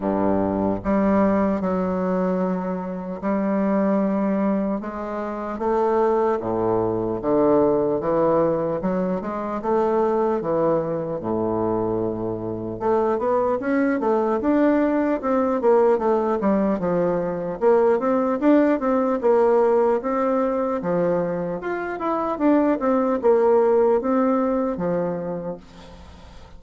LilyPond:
\new Staff \with { instrumentName = "bassoon" } { \time 4/4 \tempo 4 = 75 g,4 g4 fis2 | g2 gis4 a4 | a,4 d4 e4 fis8 gis8 | a4 e4 a,2 |
a8 b8 cis'8 a8 d'4 c'8 ais8 | a8 g8 f4 ais8 c'8 d'8 c'8 | ais4 c'4 f4 f'8 e'8 | d'8 c'8 ais4 c'4 f4 | }